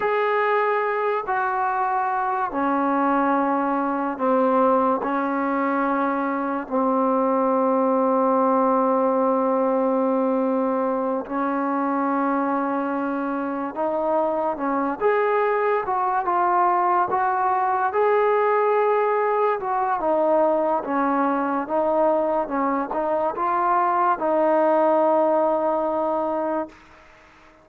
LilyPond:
\new Staff \with { instrumentName = "trombone" } { \time 4/4 \tempo 4 = 72 gis'4. fis'4. cis'4~ | cis'4 c'4 cis'2 | c'1~ | c'4. cis'2~ cis'8~ |
cis'8 dis'4 cis'8 gis'4 fis'8 f'8~ | f'8 fis'4 gis'2 fis'8 | dis'4 cis'4 dis'4 cis'8 dis'8 | f'4 dis'2. | }